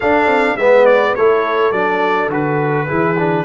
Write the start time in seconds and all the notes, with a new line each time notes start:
0.00 D4 A4 F5
0.26 C4
0.56 G#3 B3 B4 E5
0.85 D5
1.15 A3 E4 A4 C#5
1.71 F#3 D4 D5
2.28 D3 F#4 B4
2.87 E3 E4 G#4
3.18 D4